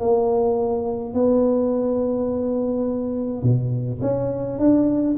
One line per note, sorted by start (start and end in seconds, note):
0.00 1.14 A#3
1.14 3.43 B3
3.43 4.01 B2
4.02 4.59 C#4
4.59 5.17 D4